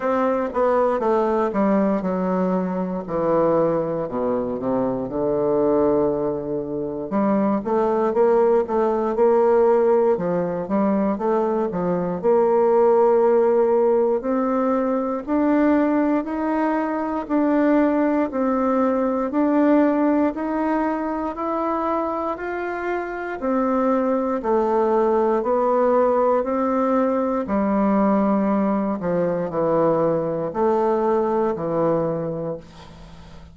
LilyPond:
\new Staff \with { instrumentName = "bassoon" } { \time 4/4 \tempo 4 = 59 c'8 b8 a8 g8 fis4 e4 | b,8 c8 d2 g8 a8 | ais8 a8 ais4 f8 g8 a8 f8 | ais2 c'4 d'4 |
dis'4 d'4 c'4 d'4 | dis'4 e'4 f'4 c'4 | a4 b4 c'4 g4~ | g8 f8 e4 a4 e4 | }